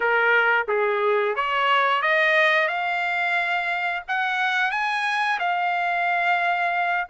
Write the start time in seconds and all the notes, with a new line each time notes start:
0.00 A#4
0.68 G#4
1.35 C#5
2.02 D#5
2.68 F5
4.08 F#5
4.71 G#5
5.39 F5